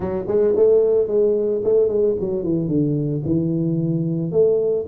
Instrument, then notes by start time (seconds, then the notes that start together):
tuba
0.00 F#3
0.27 G#3
0.56 A3
1.07 G#3
1.64 A3
1.88 G#3
2.20 F#3
2.43 E3
2.68 D3
3.25 E3
4.31 A3